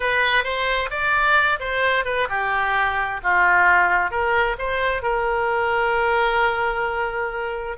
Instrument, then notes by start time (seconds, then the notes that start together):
oboe
0.00 B4
0.44 C5
0.90 D5
1.59 C5
2.05 B4
2.29 G4
3.23 F4
4.10 A#4
4.58 C5
5.02 A#4